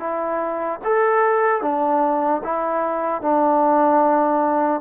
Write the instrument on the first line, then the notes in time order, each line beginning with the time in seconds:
trombone
0.00 E4
0.84 A4
1.62 D4
2.44 E4
3.21 D4